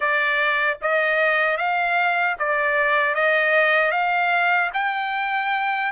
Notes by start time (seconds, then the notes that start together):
0.00 D5
0.81 D#5
1.57 F5
2.38 D5
3.14 D#5
3.91 F5
4.73 G5